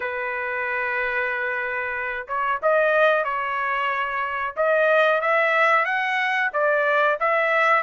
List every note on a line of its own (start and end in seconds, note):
0.00 2.27 B4
2.27 2.60 C#5
2.62 3.24 D#5
3.24 4.54 C#5
4.56 5.21 D#5
5.21 5.85 E5
5.85 6.50 F#5
6.53 7.18 D5
7.20 7.82 E5